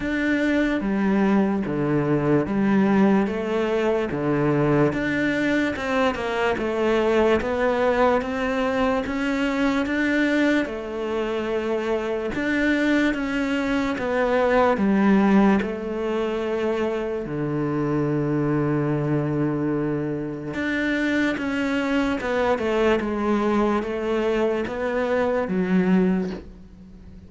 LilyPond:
\new Staff \with { instrumentName = "cello" } { \time 4/4 \tempo 4 = 73 d'4 g4 d4 g4 | a4 d4 d'4 c'8 ais8 | a4 b4 c'4 cis'4 | d'4 a2 d'4 |
cis'4 b4 g4 a4~ | a4 d2.~ | d4 d'4 cis'4 b8 a8 | gis4 a4 b4 fis4 | }